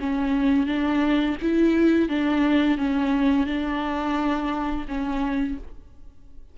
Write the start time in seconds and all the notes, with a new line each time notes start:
0.00 C#4
0.67 D4
1.42 E4
2.09 D4
2.78 C#4
3.47 D4
4.88 C#4